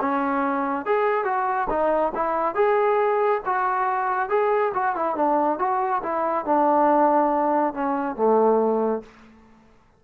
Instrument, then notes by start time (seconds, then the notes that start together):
trombone
0.00 C#4
0.85 G#4
1.24 F#4
1.69 D#4
2.14 E4
2.55 G#4
3.45 F#4
4.29 G#4
4.73 F#4
4.95 E4
5.15 D4
5.58 F#4
6.03 E4
6.45 D4
7.73 C#4
8.16 A3